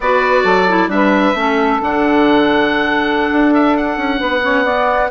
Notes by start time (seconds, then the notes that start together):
0.00 B3 F#4 B4 D5
0.42 F#3 A4
0.69 E4
0.88 G3 D4 B4 E5
1.34 A3 C#4 A4
1.80 D3 D4 F#5
3.32 D4
3.54 E5
3.76 F#5
3.97 C#4
4.18 B3 B4
4.42 C#4 C#5
4.64 B3 D5